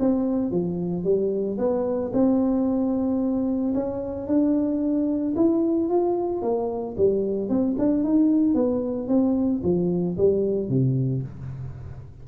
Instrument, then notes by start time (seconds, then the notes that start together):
tuba
0.00 C4
0.51 F3
1.04 G3
1.58 B3
2.13 C4
3.75 C#4
4.28 D4
5.36 E4
5.89 F4
6.42 A#3
6.97 G3
7.50 C4
7.79 D4
8.04 D#4
8.55 B3
9.08 C4
9.64 F3
10.18 G3
10.69 C3